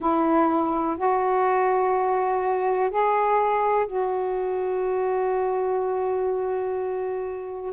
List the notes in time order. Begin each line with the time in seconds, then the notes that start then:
0.00 E4
0.97 F#4
2.90 G#4
3.87 F#4